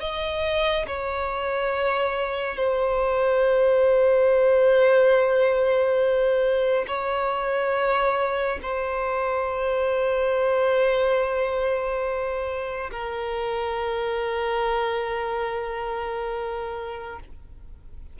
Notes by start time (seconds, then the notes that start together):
0.00 D#5
0.87 C#5
2.57 C5
6.88 C#5
8.62 C5
12.91 A#4